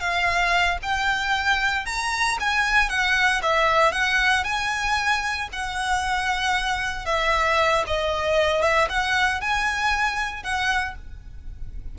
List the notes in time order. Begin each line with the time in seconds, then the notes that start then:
0.00 F5
0.82 G5
1.86 A#5
2.40 G#5
2.89 F#5
3.43 E5
3.92 F#5
4.44 G#5
5.52 F#5
7.06 E5
7.87 D#5
8.62 E5
8.89 F#5
9.41 G#5
10.43 F#5